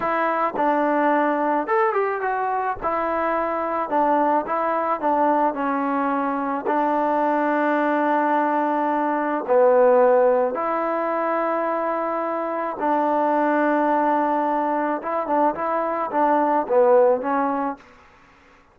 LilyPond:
\new Staff \with { instrumentName = "trombone" } { \time 4/4 \tempo 4 = 108 e'4 d'2 a'8 g'8 | fis'4 e'2 d'4 | e'4 d'4 cis'2 | d'1~ |
d'4 b2 e'4~ | e'2. d'4~ | d'2. e'8 d'8 | e'4 d'4 b4 cis'4 | }